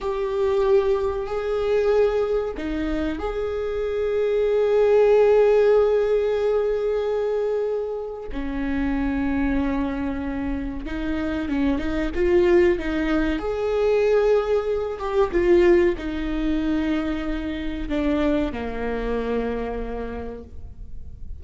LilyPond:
\new Staff \with { instrumentName = "viola" } { \time 4/4 \tempo 4 = 94 g'2 gis'2 | dis'4 gis'2.~ | gis'1~ | gis'4 cis'2.~ |
cis'4 dis'4 cis'8 dis'8 f'4 | dis'4 gis'2~ gis'8 g'8 | f'4 dis'2. | d'4 ais2. | }